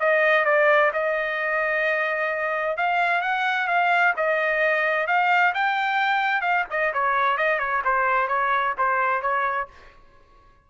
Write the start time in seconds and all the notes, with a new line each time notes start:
0.00 D#5
0.45 D5
0.93 D#5
2.77 F5
3.22 F#5
3.68 F5
4.17 D#5
5.07 F5
5.54 G5
6.42 F5
6.70 D#5
6.93 C#5
7.38 D#5
7.59 C#5
7.85 C5
8.28 C#5
8.78 C5
9.22 C#5